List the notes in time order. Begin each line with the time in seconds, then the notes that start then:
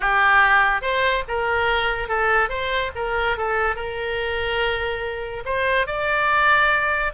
0.00 G4
0.81 C5
1.27 A#4
2.08 A4
2.49 C5
2.95 A#4
3.37 A4
3.75 A#4
5.45 C5
5.86 D5